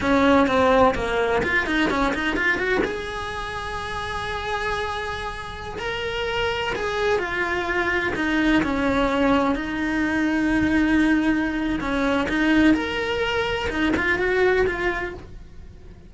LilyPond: \new Staff \with { instrumentName = "cello" } { \time 4/4 \tempo 4 = 127 cis'4 c'4 ais4 f'8 dis'8 | cis'8 dis'8 f'8 fis'8 gis'2~ | gis'1~ | gis'16 ais'2 gis'4 f'8.~ |
f'4~ f'16 dis'4 cis'4.~ cis'16~ | cis'16 dis'2.~ dis'8.~ | dis'4 cis'4 dis'4 ais'4~ | ais'4 dis'8 f'8 fis'4 f'4 | }